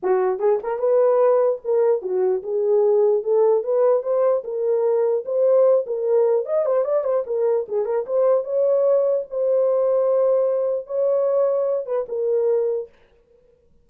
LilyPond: \new Staff \with { instrumentName = "horn" } { \time 4/4 \tempo 4 = 149 fis'4 gis'8 ais'8 b'2 | ais'4 fis'4 gis'2 | a'4 b'4 c''4 ais'4~ | ais'4 c''4. ais'4. |
dis''8 c''8 d''8 c''8 ais'4 gis'8 ais'8 | c''4 cis''2 c''4~ | c''2. cis''4~ | cis''4. b'8 ais'2 | }